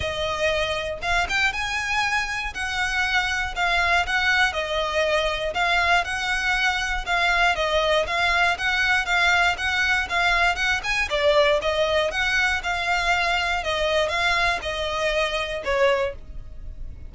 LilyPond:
\new Staff \with { instrumentName = "violin" } { \time 4/4 \tempo 4 = 119 dis''2 f''8 g''8 gis''4~ | gis''4 fis''2 f''4 | fis''4 dis''2 f''4 | fis''2 f''4 dis''4 |
f''4 fis''4 f''4 fis''4 | f''4 fis''8 gis''8 d''4 dis''4 | fis''4 f''2 dis''4 | f''4 dis''2 cis''4 | }